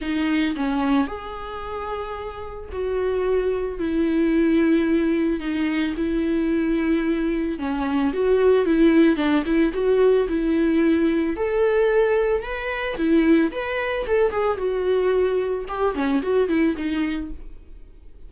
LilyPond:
\new Staff \with { instrumentName = "viola" } { \time 4/4 \tempo 4 = 111 dis'4 cis'4 gis'2~ | gis'4 fis'2 e'4~ | e'2 dis'4 e'4~ | e'2 cis'4 fis'4 |
e'4 d'8 e'8 fis'4 e'4~ | e'4 a'2 b'4 | e'4 b'4 a'8 gis'8 fis'4~ | fis'4 g'8 cis'8 fis'8 e'8 dis'4 | }